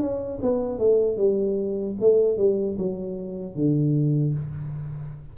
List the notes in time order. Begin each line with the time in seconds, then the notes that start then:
0.00 C#4
0.42 B3
0.79 A3
1.17 G3
2.01 A3
2.38 G3
2.78 F#3
3.55 D3